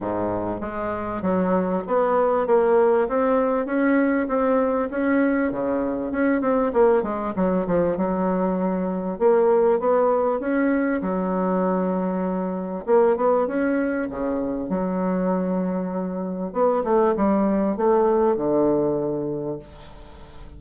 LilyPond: \new Staff \with { instrumentName = "bassoon" } { \time 4/4 \tempo 4 = 98 gis,4 gis4 fis4 b4 | ais4 c'4 cis'4 c'4 | cis'4 cis4 cis'8 c'8 ais8 gis8 | fis8 f8 fis2 ais4 |
b4 cis'4 fis2~ | fis4 ais8 b8 cis'4 cis4 | fis2. b8 a8 | g4 a4 d2 | }